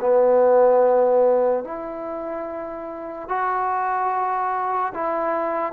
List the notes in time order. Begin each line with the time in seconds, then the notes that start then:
0.00 B3
1.64 E4
3.28 F#4
4.94 E4